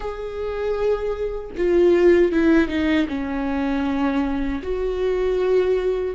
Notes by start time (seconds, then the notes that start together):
0.00 G#4
1.57 F4
2.32 E4
2.68 D#4
3.08 C#4
4.62 F#4